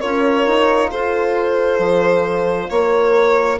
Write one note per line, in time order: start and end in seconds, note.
0.00 0.47 C#4
0.00 3.60 F4
0.00 0.90 A#4
0.00 0.90 C#5
0.47 0.92 D#4
0.91 1.79 F4
0.91 2.70 A4
0.91 2.70 C5
1.79 2.69 F3
2.70 3.60 A#3
2.70 3.60 A#4
2.70 3.59 C#5